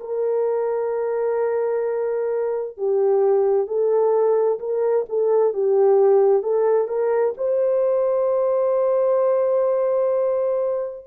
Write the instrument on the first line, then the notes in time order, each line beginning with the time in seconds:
horn
0.00 A#4
2.77 G4
3.67 A4
4.59 A#4
5.09 A4
5.53 G4
6.42 A4
6.88 A#4
7.37 C5